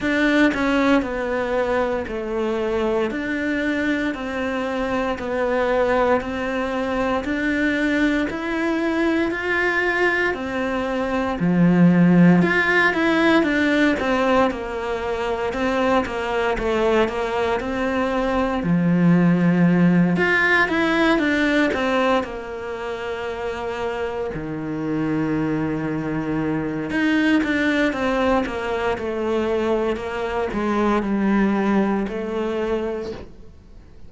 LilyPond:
\new Staff \with { instrumentName = "cello" } { \time 4/4 \tempo 4 = 58 d'8 cis'8 b4 a4 d'4 | c'4 b4 c'4 d'4 | e'4 f'4 c'4 f4 | f'8 e'8 d'8 c'8 ais4 c'8 ais8 |
a8 ais8 c'4 f4. f'8 | e'8 d'8 c'8 ais2 dis8~ | dis2 dis'8 d'8 c'8 ais8 | a4 ais8 gis8 g4 a4 | }